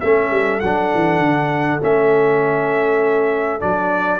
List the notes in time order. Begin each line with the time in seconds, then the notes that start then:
0.00 A3 C#4 A4 E5
0.30 G3
0.59 F#3 D4 F#5
0.94 E3
1.19 D3
1.80 A3 C#4 E5
3.60 F#3 D4 D5